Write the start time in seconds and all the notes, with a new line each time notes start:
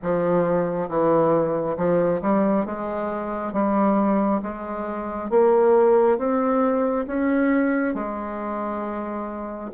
0.02 F3
0.88 E3
1.76 F3
2.21 G3
2.65 G#3
3.53 G3
4.42 G#3
5.29 A#3
6.18 C4
7.06 C#4
7.94 G#3